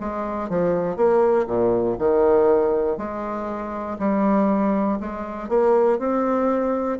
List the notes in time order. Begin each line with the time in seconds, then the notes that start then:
0.00 G#3
0.49 F3
0.96 A#3
1.47 A#2
1.98 D#3
2.97 G#3
3.99 G3
5.00 G#3
5.49 A#3
5.99 C4